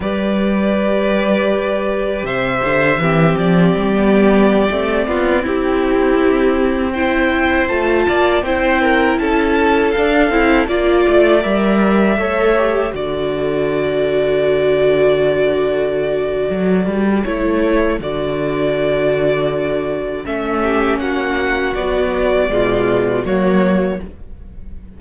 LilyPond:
<<
  \new Staff \with { instrumentName = "violin" } { \time 4/4 \tempo 4 = 80 d''2. e''4~ | e''8 d''2~ d''8. g'8.~ | g'4~ g'16 g''4 a''4 g''8.~ | g''16 a''4 f''4 d''4 e''8.~ |
e''4~ e''16 d''2~ d''8.~ | d''2. cis''4 | d''2. e''4 | fis''4 d''2 cis''4 | }
  \new Staff \with { instrumentName = "violin" } { \time 4/4 b'2. c''4 | g'2~ g'8. f'8 e'8.~ | e'4~ e'16 c''4. d''8 c''8 ais'16~ | ais'16 a'2 d''4.~ d''16~ |
d''16 cis''4 a'2~ a'8.~ | a'1~ | a'2.~ a'8 g'8 | fis'2 f'4 fis'4 | }
  \new Staff \with { instrumentName = "viola" } { \time 4/4 g'1 | c'4~ c'16 b4 c'4.~ c'16~ | c'4~ c'16 e'4 f'4 e'8.~ | e'4~ e'16 d'8 e'8 f'4 ais'8.~ |
ais'16 a'8 g'8 fis'2~ fis'8.~ | fis'2. e'4 | fis'2. cis'4~ | cis'4 fis4 gis4 ais4 | }
  \new Staff \with { instrumentName = "cello" } { \time 4/4 g2. c8 d8 | e8 f8 g4~ g16 a8 b8 c'8.~ | c'2~ c'16 a8 ais8 c'8.~ | c'16 cis'4 d'8 c'8 ais8 a8 g8.~ |
g16 a4 d2~ d8.~ | d2 fis8 g8 a4 | d2. a4 | ais4 b4 b,4 fis4 | }
>>